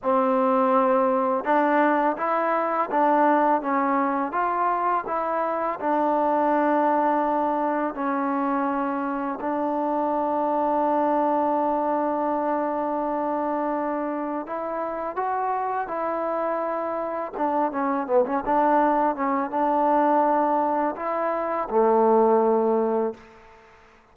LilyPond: \new Staff \with { instrumentName = "trombone" } { \time 4/4 \tempo 4 = 83 c'2 d'4 e'4 | d'4 cis'4 f'4 e'4 | d'2. cis'4~ | cis'4 d'2.~ |
d'1 | e'4 fis'4 e'2 | d'8 cis'8 b16 cis'16 d'4 cis'8 d'4~ | d'4 e'4 a2 | }